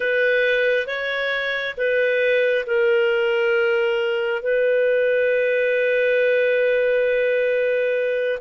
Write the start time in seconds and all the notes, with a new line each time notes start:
0.00 B4
0.87 C#5
1.76 B4
2.66 A#4
4.42 B4